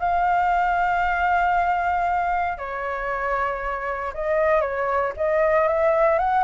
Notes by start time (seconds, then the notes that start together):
0.00 F5
2.58 C#5
4.14 D#5
4.61 C#5
5.17 D#5
5.68 E5
6.19 F#5